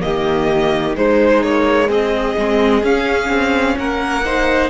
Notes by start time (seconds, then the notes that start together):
0.00 D#3 A#3 G4 D#5
0.96 G#3 D#4 C5
1.43 A#3 C#5
1.88 C4 G#4 D#5
2.37 G#3 C4
2.83 C#4 F5
3.29 C4
3.78 A#3 A#4 F#5
4.25 D#4 C5